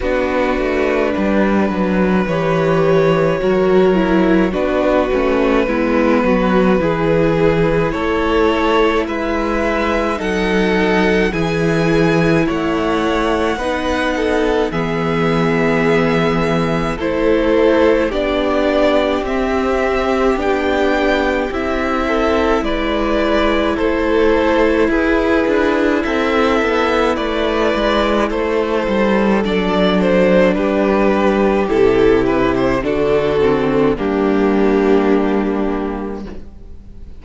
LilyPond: <<
  \new Staff \with { instrumentName = "violin" } { \time 4/4 \tempo 4 = 53 b'2 cis''2 | b'2. cis''4 | e''4 fis''4 gis''4 fis''4~ | fis''4 e''2 c''4 |
d''4 e''4 g''4 e''4 | d''4 c''4 b'4 e''4 | d''4 c''4 d''8 c''8 b'4 | a'8 b'16 c''16 a'4 g'2 | }
  \new Staff \with { instrumentName = "violin" } { \time 4/4 fis'4 b'2 ais'4 | fis'4 e'8 fis'8 gis'4 a'4 | b'4 a'4 gis'4 cis''4 | b'8 a'8 gis'2 a'4 |
g'2.~ g'8 a'8 | b'4 a'4 gis'4 a'4 | b'4 a'2 g'4~ | g'4 fis'4 d'2 | }
  \new Staff \with { instrumentName = "viola" } { \time 4/4 d'2 g'4 fis'8 e'8 | d'8 cis'8 b4 e'2~ | e'4 dis'4 e'2 | dis'4 b2 e'4 |
d'4 c'4 d'4 e'4~ | e'1~ | e'2 d'2 | e'4 d'8 c'8 ais2 | }
  \new Staff \with { instrumentName = "cello" } { \time 4/4 b8 a8 g8 fis8 e4 fis4 | b8 a8 gis8 fis8 e4 a4 | gis4 fis4 e4 a4 | b4 e2 a4 |
b4 c'4 b4 c'4 | gis4 a4 e'8 d'8 c'8 b8 | a8 gis8 a8 g8 fis4 g4 | c4 d4 g2 | }
>>